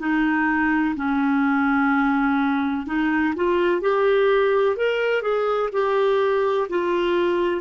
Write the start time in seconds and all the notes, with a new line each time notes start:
0.00 D#4
0.96 C#4
2.87 D#4
3.36 F4
3.81 G4
4.77 A#4
5.22 G#4
5.73 G4
6.69 F4